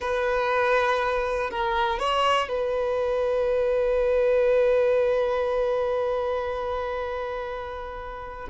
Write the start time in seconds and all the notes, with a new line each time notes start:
0.00 B4
1.50 A#4
1.99 C#5
2.48 B4